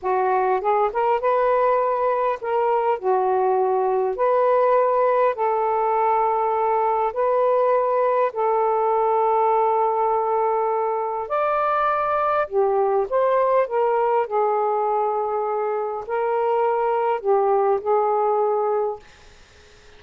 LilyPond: \new Staff \with { instrumentName = "saxophone" } { \time 4/4 \tempo 4 = 101 fis'4 gis'8 ais'8 b'2 | ais'4 fis'2 b'4~ | b'4 a'2. | b'2 a'2~ |
a'2. d''4~ | d''4 g'4 c''4 ais'4 | gis'2. ais'4~ | ais'4 g'4 gis'2 | }